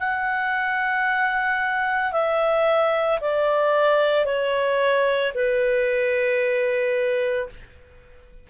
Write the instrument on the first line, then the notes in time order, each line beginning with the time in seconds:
clarinet
0.00 F#5
2.12 E5
3.21 D5
4.26 C#5
5.35 B4